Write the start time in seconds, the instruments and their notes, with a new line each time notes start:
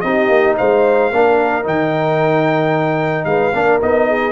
0.00 tuba C4, trombone D#4, horn G4, trumpet D#5
0.28 tuba A#3
0.57 tuba G#3, horn C5, trumpet F5
1.10 tuba A#3, trombone D4, horn A#4
1.63 tuba D#3, trombone D#4, trumpet G5
3.25 tuba G#3, horn B4, trumpet F5
3.53 tuba A#3, trombone D4, horn A#4
3.81 tuba B3, trombone D#4, trumpet D#5
4.08 horn G#4